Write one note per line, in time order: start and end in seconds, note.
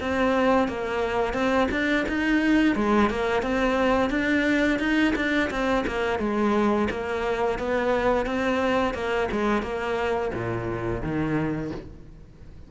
0.00 0.68 C4
0.68 1.34 A#3
1.34 1.68 C4
1.71 2.06 D4
2.08 2.76 D#4
2.76 3.10 G#3
3.10 3.42 A#3
3.42 4.10 C4
4.10 4.79 D4
4.79 5.14 D#4
5.15 5.50 D4
5.50 5.85 C4
5.87 6.19 A#3
6.19 6.88 G#3
6.90 7.59 A#3
7.59 8.26 B3
8.26 8.94 C4
8.94 9.28 A#3
9.32 9.62 G#3
9.62 10.31 A#3
10.34 11.02 A#2
11.02 11.71 D#3